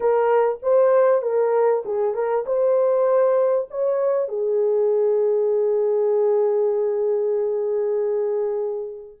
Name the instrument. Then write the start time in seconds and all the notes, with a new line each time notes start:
horn
0.00 A#4
0.62 C5
1.22 A#4
1.85 G#4
2.14 A#4
2.46 C5
3.70 C#5
4.28 G#4